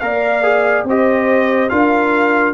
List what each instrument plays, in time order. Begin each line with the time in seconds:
0.00 tuba A#3, trombone A#4, horn D5, trumpet F5
0.43 trombone G#4
0.84 tuba C4, trombone G4, horn C5, trumpet D#5
1.69 tuba D4, trombone F4, horn A#4, trumpet F5